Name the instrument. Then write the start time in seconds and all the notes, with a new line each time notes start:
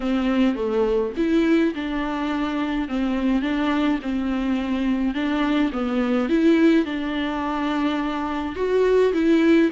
viola
0.00 C4
0.55 A3
1.16 E4
1.74 D4
2.88 C4
3.42 D4
4.02 C4
5.14 D4
5.72 B3
6.29 E4
6.85 D4
8.55 F#4
9.13 E4